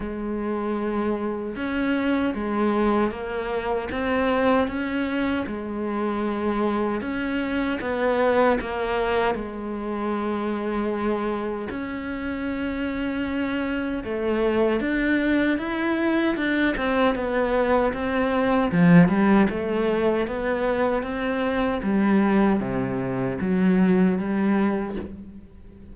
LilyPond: \new Staff \with { instrumentName = "cello" } { \time 4/4 \tempo 4 = 77 gis2 cis'4 gis4 | ais4 c'4 cis'4 gis4~ | gis4 cis'4 b4 ais4 | gis2. cis'4~ |
cis'2 a4 d'4 | e'4 d'8 c'8 b4 c'4 | f8 g8 a4 b4 c'4 | g4 c4 fis4 g4 | }